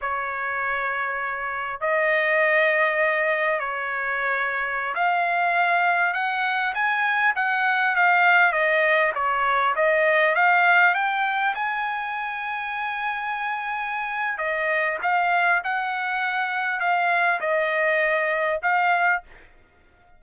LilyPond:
\new Staff \with { instrumentName = "trumpet" } { \time 4/4 \tempo 4 = 100 cis''2. dis''4~ | dis''2 cis''2~ | cis''16 f''2 fis''4 gis''8.~ | gis''16 fis''4 f''4 dis''4 cis''8.~ |
cis''16 dis''4 f''4 g''4 gis''8.~ | gis''1 | dis''4 f''4 fis''2 | f''4 dis''2 f''4 | }